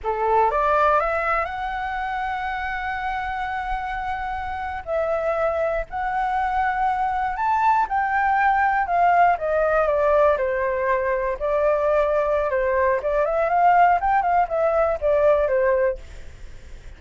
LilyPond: \new Staff \with { instrumentName = "flute" } { \time 4/4 \tempo 4 = 120 a'4 d''4 e''4 fis''4~ | fis''1~ | fis''4.~ fis''16 e''2 fis''16~ | fis''2~ fis''8. a''4 g''16~ |
g''4.~ g''16 f''4 dis''4 d''16~ | d''8. c''2 d''4~ d''16~ | d''4 c''4 d''8 e''8 f''4 | g''8 f''8 e''4 d''4 c''4 | }